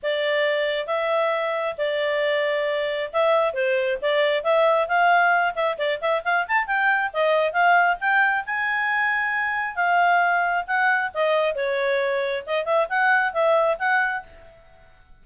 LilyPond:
\new Staff \with { instrumentName = "clarinet" } { \time 4/4 \tempo 4 = 135 d''2 e''2 | d''2. e''4 | c''4 d''4 e''4 f''4~ | f''8 e''8 d''8 e''8 f''8 a''8 g''4 |
dis''4 f''4 g''4 gis''4~ | gis''2 f''2 | fis''4 dis''4 cis''2 | dis''8 e''8 fis''4 e''4 fis''4 | }